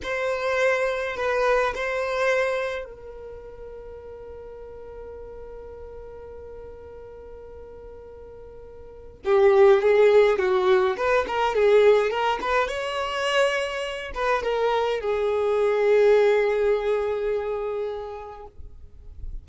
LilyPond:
\new Staff \with { instrumentName = "violin" } { \time 4/4 \tempo 4 = 104 c''2 b'4 c''4~ | c''4 ais'2.~ | ais'1~ | ais'1 |
g'4 gis'4 fis'4 b'8 ais'8 | gis'4 ais'8 b'8 cis''2~ | cis''8 b'8 ais'4 gis'2~ | gis'1 | }